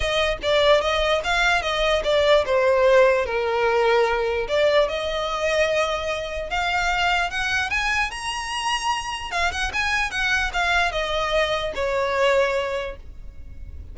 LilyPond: \new Staff \with { instrumentName = "violin" } { \time 4/4 \tempo 4 = 148 dis''4 d''4 dis''4 f''4 | dis''4 d''4 c''2 | ais'2. d''4 | dis''1 |
f''2 fis''4 gis''4 | ais''2. f''8 fis''8 | gis''4 fis''4 f''4 dis''4~ | dis''4 cis''2. | }